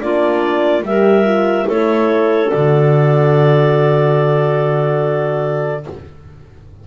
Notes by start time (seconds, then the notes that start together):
0.00 A#3 D4 F4 D5
0.82 G3 G4 A#4 E5
1.25 F4
1.66 A3 E4 A4 C#5
2.49 D3 F#4 D5